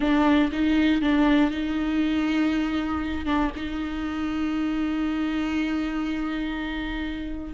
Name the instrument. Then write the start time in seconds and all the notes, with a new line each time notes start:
viola
0.00 D4
0.52 D#4
1.01 D4
1.50 D#4
3.25 D4
3.55 D#4